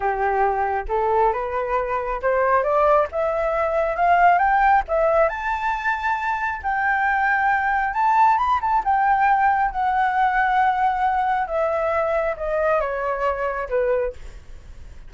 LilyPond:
\new Staff \with { instrumentName = "flute" } { \time 4/4 \tempo 4 = 136 g'2 a'4 b'4~ | b'4 c''4 d''4 e''4~ | e''4 f''4 g''4 e''4 | a''2. g''4~ |
g''2 a''4 b''8 a''8 | g''2 fis''2~ | fis''2 e''2 | dis''4 cis''2 b'4 | }